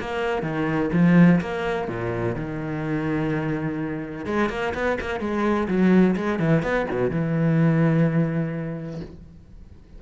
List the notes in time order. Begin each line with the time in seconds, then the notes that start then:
0.00 A#3
0.42 D#3
0.93 F3
1.41 A#3
1.88 A#2
2.36 D#3
4.26 G#3
4.50 A#3
4.74 B3
5.01 A#3
5.20 G#3
5.68 F#3
6.16 G#3
6.39 E3
6.63 B3
6.91 B2
7.10 E3